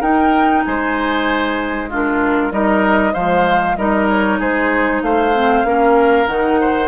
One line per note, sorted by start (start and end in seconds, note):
0.00 0.63 D#4
0.00 1.89 D#4
0.00 0.62 A#4
0.00 0.64 G5
0.64 2.51 G#3
0.64 1.89 C5
0.64 1.89 G#5
1.89 2.52 D4
1.89 2.52 F4
1.89 2.52 A#4
2.51 3.14 G3
2.51 3.13 D#4
2.51 3.13 A#4
2.51 3.14 D#5
3.13 3.77 F3
3.13 3.75 G#3
3.13 3.76 C5
3.13 3.76 F5
3.76 4.39 G3
3.76 5.34 D#4
3.76 4.39 A#4
3.76 4.07 D#5
4.09 4.40 C#5
4.39 5.02 G#3
4.39 5.01 G#4
4.39 5.03 C5
5.02 5.64 A3
5.02 5.67 C5
5.02 6.27 F5
5.34 5.64 C4
5.64 6.26 A#3
5.64 6.27 C#4
5.64 6.60 A#4
6.27 6.88 D#3
6.27 6.88 D#4
6.27 6.88 F#5
6.60 6.88 C5